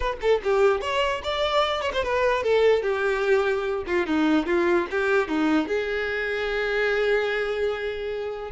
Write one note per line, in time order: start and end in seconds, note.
0.00 0.17 B4
0.21 0.41 A4
0.43 0.81 G4
0.81 1.21 C#5
1.23 1.81 D5
1.81 1.91 C#5
1.93 2.03 C5
2.03 2.43 B4
2.43 2.82 A4
2.82 3.83 G4
3.86 4.06 F4
4.06 4.46 D#4
4.46 4.86 F4
4.91 5.28 G4
5.28 5.67 D#4
5.67 8.51 G#4